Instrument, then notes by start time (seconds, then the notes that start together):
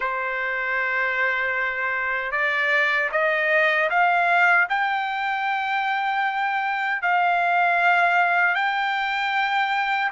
trumpet
0.00 C5
2.31 D5
3.11 D#5
3.90 F5
4.69 G5
7.01 F5
8.55 G5